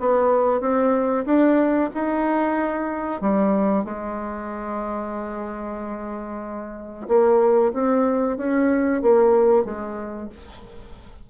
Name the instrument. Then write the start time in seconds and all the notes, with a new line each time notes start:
bassoon
0.00 B3
0.60 C4
1.25 D4
1.94 D#4
3.21 G3
3.85 G#3
7.08 A#3
7.73 C4
8.38 C#4
9.02 A#3
9.65 G#3